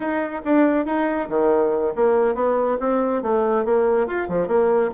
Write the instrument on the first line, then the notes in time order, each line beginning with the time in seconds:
bassoon
0.00 D#4
0.44 D4
0.85 D#4
1.28 D#3
1.95 A#3
2.34 B3
2.80 C4
3.22 A3
3.65 A#3
4.06 F4
4.29 F3
4.47 A#3